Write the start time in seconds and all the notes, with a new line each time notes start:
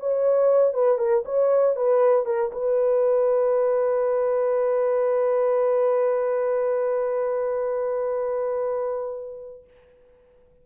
0.00 C#5
0.74 B4
0.99 A#4
1.26 C#5
1.76 B4
2.26 A#4
2.52 B4